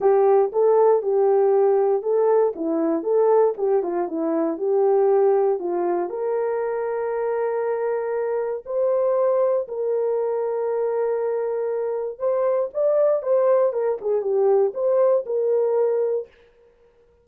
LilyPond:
\new Staff \with { instrumentName = "horn" } { \time 4/4 \tempo 4 = 118 g'4 a'4 g'2 | a'4 e'4 a'4 g'8 f'8 | e'4 g'2 f'4 | ais'1~ |
ais'4 c''2 ais'4~ | ais'1 | c''4 d''4 c''4 ais'8 gis'8 | g'4 c''4 ais'2 | }